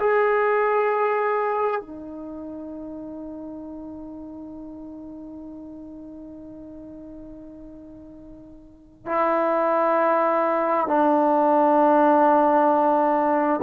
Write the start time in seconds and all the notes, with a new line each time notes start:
0.00 G#4
1.81 D#4
9.05 E4
10.87 D4